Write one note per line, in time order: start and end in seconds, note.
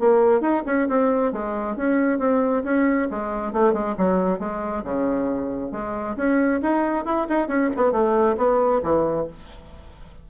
0.00 0.41 A#3
0.41 0.63 D#4
0.66 0.88 C#4
0.89 1.33 C4
1.33 1.77 G#3
1.77 2.20 C#4
2.20 2.64 C4
2.65 3.09 C#4
3.11 3.53 G#3
3.53 3.74 A3
3.74 3.96 G#3
3.98 4.40 F#3
4.40 4.84 G#3
4.84 5.72 C#3
5.72 6.16 G#3
6.17 6.61 C#4
6.63 7.06 D#4
7.06 7.28 E4
7.30 7.48 D#4
7.48 7.70 C#4
7.77 7.93 B3
7.93 8.37 A3
8.38 8.82 B3
8.84 9.28 E3